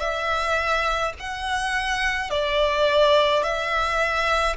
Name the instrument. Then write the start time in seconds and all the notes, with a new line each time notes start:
violin
0.00 E5
1.20 F#5
2.31 D5
3.44 E5